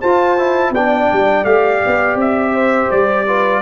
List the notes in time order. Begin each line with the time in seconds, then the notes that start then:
0.00 F4 C5 A5
0.37 E4
0.70 B3 D4 D5 G5
1.12 G3
1.44 A3 G4 F5
1.86 B3
2.14 C4 E5
2.53 C5
2.91 G3 D5
3.27 F4 B4